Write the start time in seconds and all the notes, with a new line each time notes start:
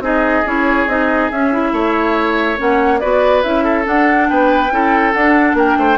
0.00 C4 D#4 G#4 D#5
0.46 C#4 E4 C#5
0.87 C4 D#4 D#5
1.31 C#4 E5
1.53 E4
1.73 A3 C#5
2.57 A#3 C#4 F#5
3.00 B3 F#4 B4 D5
3.43 C#4 E4 E5
3.64 A4
3.85 D4 F#5
4.29 B3 B4 G5
4.71 C#4 E4 A4
5.13 D4 F#5
5.54 A#3 A#4 G5
5.78 A3 C5